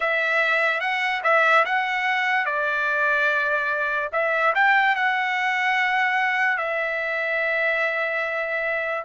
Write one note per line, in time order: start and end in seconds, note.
0.00 0.80 E5
0.80 1.21 F#5
1.23 1.64 E5
1.65 2.45 F#5
2.45 4.09 D5
4.12 4.53 E5
4.54 4.95 G5
4.95 6.58 F#5
6.58 9.04 E5